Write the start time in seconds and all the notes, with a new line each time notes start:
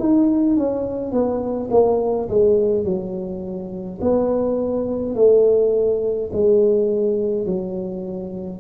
0.00 D#4
0.57 C#4
1.12 B3
1.71 A#3
2.29 G#3
2.85 F#3
4.02 B3
5.16 A3
6.33 G#3
7.46 F#3